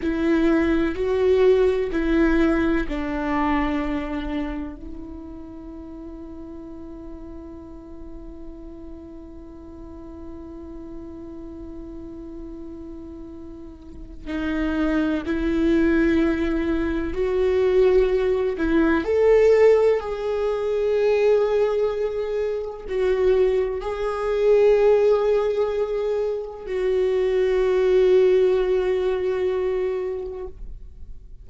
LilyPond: \new Staff \with { instrumentName = "viola" } { \time 4/4 \tempo 4 = 63 e'4 fis'4 e'4 d'4~ | d'4 e'2.~ | e'1~ | e'2. dis'4 |
e'2 fis'4. e'8 | a'4 gis'2. | fis'4 gis'2. | fis'1 | }